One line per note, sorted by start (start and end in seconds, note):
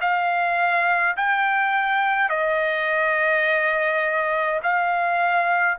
0.00 1.15 F5
1.16 2.29 G5
2.29 4.60 D#5
4.63 5.78 F5